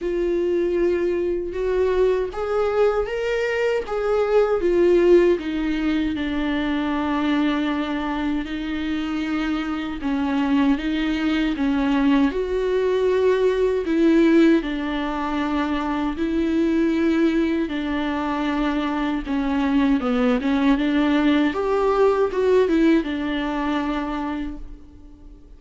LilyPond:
\new Staff \with { instrumentName = "viola" } { \time 4/4 \tempo 4 = 78 f'2 fis'4 gis'4 | ais'4 gis'4 f'4 dis'4 | d'2. dis'4~ | dis'4 cis'4 dis'4 cis'4 |
fis'2 e'4 d'4~ | d'4 e'2 d'4~ | d'4 cis'4 b8 cis'8 d'4 | g'4 fis'8 e'8 d'2 | }